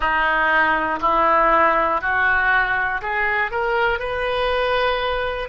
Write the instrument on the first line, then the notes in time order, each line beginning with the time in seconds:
oboe
0.00 D#4
1.00 E4
2.00 F#4
3.01 G#4
3.50 A#4
3.99 B4